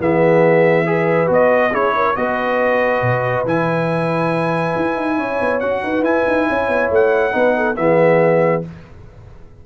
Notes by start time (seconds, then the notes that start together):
0.00 E3 B3 G#4 E5
0.86 G#4 B4
1.27 B3 F#4 D#5
1.72 C#4 E4 G#4 C#5
1.96 A#4
2.16 B3 F#4 B4 D#5
3.02 B2
3.45 E3 E4 G#5
4.77 E4
4.97 D#4
5.18 C#4 C#5
5.41 B3
5.60 C#4 F#4 F#5
5.84 D#4 B4
6.02 E4 G#5
6.28 D#4
6.49 C#4 C#5
6.69 B3
6.90 A3 F#5
7.32 B3 D#4 B4
7.57 A4
7.76 E3 B3 G#4 E5